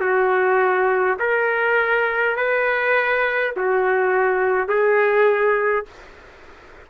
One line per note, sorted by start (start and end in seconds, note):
0.00 1.18 F#4
1.19 2.36 A#4
2.36 3.53 B4
3.56 4.68 F#4
4.68 5.86 G#4